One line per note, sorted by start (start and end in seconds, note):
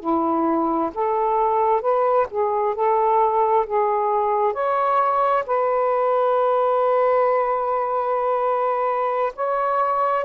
0.00 0.91 E4
0.95 1.81 A4
1.81 2.27 B4
2.31 2.75 G#4
2.75 3.66 A4
3.67 4.54 G#4
4.54 5.45 C#5
5.47 9.33 B4
9.36 10.25 C#5